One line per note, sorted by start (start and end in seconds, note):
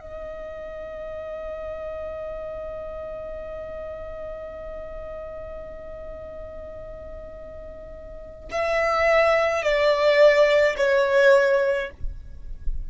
0.00 8.49 D#5
8.51 9.62 E5
9.62 10.75 D5
10.77 11.90 C#5